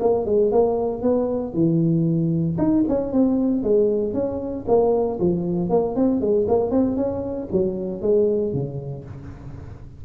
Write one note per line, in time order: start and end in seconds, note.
0.00 0.25 A#3
0.25 0.51 G#3
0.51 1.02 A#3
1.02 1.53 B3
1.53 2.57 E3
2.58 2.84 D#4
2.88 3.12 C#4
3.12 3.63 C4
3.63 4.13 G#3
4.13 4.65 C#4
4.67 5.19 A#3
5.20 5.69 F3
5.69 5.95 A#3
5.95 6.20 C4
6.20 6.46 G#3
6.48 6.71 A#3
6.71 6.96 C4
6.96 7.48 C#4
7.52 8.01 F#3
8.01 8.53 G#3
8.53 9.05 C#3